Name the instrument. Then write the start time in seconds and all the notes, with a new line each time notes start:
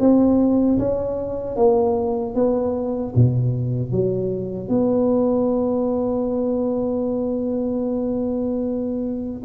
tuba
0.00 C4
0.79 C#4
1.56 A#3
2.35 B3
3.15 B2
3.91 F#3
4.69 B3